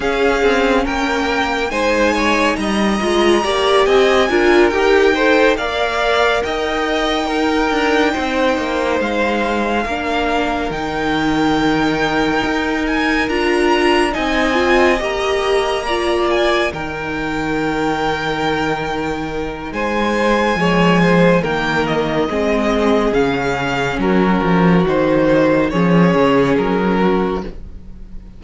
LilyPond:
<<
  \new Staff \with { instrumentName = "violin" } { \time 4/4 \tempo 4 = 70 f''4 g''4 gis''4 ais''4~ | ais''8 gis''4 g''4 f''4 g''8~ | g''2~ g''8 f''4.~ | f''8 g''2~ g''8 gis''8 ais''8~ |
ais''8 gis''4 ais''4. gis''8 g''8~ | g''2. gis''4~ | gis''4 g''8 dis''4. f''4 | ais'4 c''4 cis''4 ais'4 | }
  \new Staff \with { instrumentName = "violin" } { \time 4/4 gis'4 ais'4 c''8 cis''8 dis''4 | d''8 dis''8 ais'4 c''8 d''4 dis''8~ | dis''8 ais'4 c''2 ais'8~ | ais'1~ |
ais'8 dis''2 d''4 ais'8~ | ais'2. c''4 | cis''8 c''8 ais'4 gis'2 | fis'2 gis'4. fis'8 | }
  \new Staff \with { instrumentName = "viola" } { \time 4/4 cis'2 dis'4. f'8 | g'4 f'8 g'8 a'8 ais'4.~ | ais'8 dis'2. d'8~ | d'8 dis'2. f'8~ |
f'8 dis'8 f'8 g'4 f'4 dis'8~ | dis'1 | gis4 ais4 c'4 cis'4~ | cis'4 dis'4 cis'2 | }
  \new Staff \with { instrumentName = "cello" } { \time 4/4 cis'8 c'8 ais4 gis4 g8 gis8 | ais8 c'8 d'8 dis'4 ais4 dis'8~ | dis'4 d'8 c'8 ais8 gis4 ais8~ | ais8 dis2 dis'4 d'8~ |
d'8 c'4 ais2 dis8~ | dis2. gis4 | f4 dis4 gis4 cis4 | fis8 f8 dis4 f8 cis8 fis4 | }
>>